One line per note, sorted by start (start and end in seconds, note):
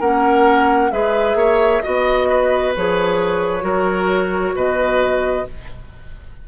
0.00 0.91 A#3
0.00 0.92 C#4
0.00 0.91 A#4
0.00 0.91 F#5
0.91 1.35 G#3
0.91 1.83 G#4
0.91 1.37 B4
0.91 1.82 E5
1.35 1.80 A#3
1.35 1.83 C#5
1.82 2.77 B3
1.82 2.74 F#4
1.82 2.73 D#5
1.82 2.29 D#5
2.29 3.64 B4
2.75 3.63 F3
2.75 3.61 G#4
2.75 4.57 C#5
3.61 4.54 F#3
3.61 5.43 F#4
3.61 4.55 A#4
4.55 5.46 B2
4.55 5.47 B4
4.55 5.48 D#5